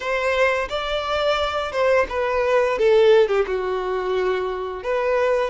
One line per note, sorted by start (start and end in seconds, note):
0.00 0.68 C5
0.69 1.71 D5
1.71 2.06 C5
2.09 2.78 B4
2.78 3.28 A4
3.28 3.45 G4
3.47 4.83 F#4
4.83 5.50 B4